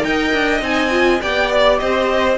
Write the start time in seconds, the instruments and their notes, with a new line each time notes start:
0.00 cello D#4, viola A#4, violin D#5 G5
0.33 cello D4
0.61 cello C4, viola D#4, violin G#5
0.90 viola F4
1.21 cello B3, viola G4, violin D5 G5
1.51 violin D5
1.79 cello C4, violin C5 D#5